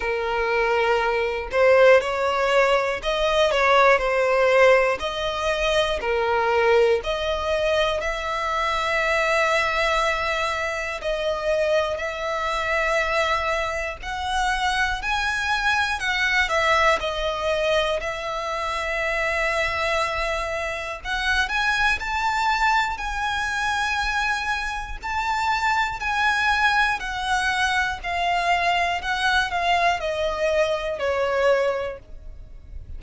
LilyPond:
\new Staff \with { instrumentName = "violin" } { \time 4/4 \tempo 4 = 60 ais'4. c''8 cis''4 dis''8 cis''8 | c''4 dis''4 ais'4 dis''4 | e''2. dis''4 | e''2 fis''4 gis''4 |
fis''8 e''8 dis''4 e''2~ | e''4 fis''8 gis''8 a''4 gis''4~ | gis''4 a''4 gis''4 fis''4 | f''4 fis''8 f''8 dis''4 cis''4 | }